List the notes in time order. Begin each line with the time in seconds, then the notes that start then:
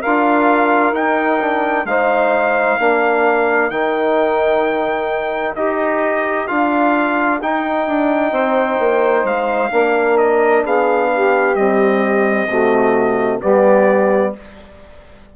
0.00 D4 F4 A#4 F5
0.92 D#4 G5
1.40 D4
1.85 G#3 D#4 C5 F5
2.78 A#3 D4 A#4
3.70 D#3 D#4 G5
5.55 D#4 G4 D#5
6.47 D4 F4 F5
7.42 D#4 G5
7.87 D4
8.31 C4 C5
8.79 A#3
9.23 G#3 F5
9.70 A#3 D4 A#4
10.17 D#5
10.63 B3 G#4 F5
11.14 G4
11.55 G3 C4 D#5
12.47 C3 A3 F#4
13.40 G3 B3 G4 D5